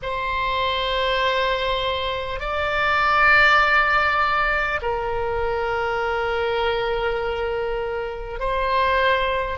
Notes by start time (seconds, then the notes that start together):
0.02 C5
2.39 D5
4.82 A#4
8.39 C5